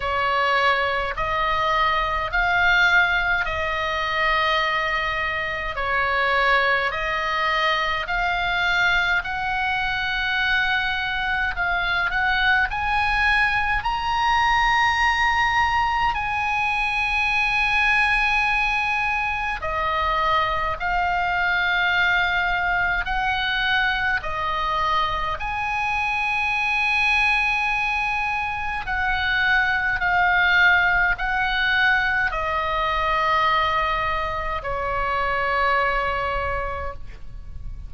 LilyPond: \new Staff \with { instrumentName = "oboe" } { \time 4/4 \tempo 4 = 52 cis''4 dis''4 f''4 dis''4~ | dis''4 cis''4 dis''4 f''4 | fis''2 f''8 fis''8 gis''4 | ais''2 gis''2~ |
gis''4 dis''4 f''2 | fis''4 dis''4 gis''2~ | gis''4 fis''4 f''4 fis''4 | dis''2 cis''2 | }